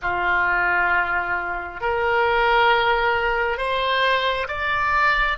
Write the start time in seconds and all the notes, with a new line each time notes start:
0.02 F4
1.80 A#4
3.57 C5
4.48 D5